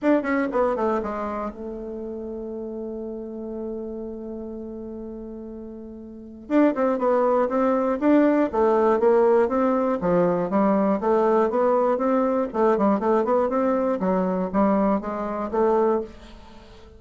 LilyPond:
\new Staff \with { instrumentName = "bassoon" } { \time 4/4 \tempo 4 = 120 d'8 cis'8 b8 a8 gis4 a4~ | a1~ | a1~ | a4 d'8 c'8 b4 c'4 |
d'4 a4 ais4 c'4 | f4 g4 a4 b4 | c'4 a8 g8 a8 b8 c'4 | fis4 g4 gis4 a4 | }